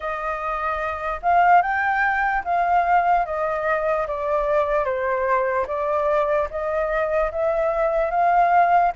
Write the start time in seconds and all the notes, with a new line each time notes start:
0.00 D#5
1.22 F5
1.62 G5
2.44 F5
3.25 D#5
4.07 D5
4.84 C5
5.67 D5
6.50 D#5
7.31 E5
8.10 F5